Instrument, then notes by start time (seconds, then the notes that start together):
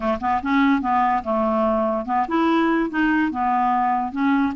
clarinet
0.00 A3
0.20 B3
0.42 C#4
0.81 B3
1.23 A3
2.05 B3
2.28 E4
2.89 D#4
3.31 B3
4.12 C#4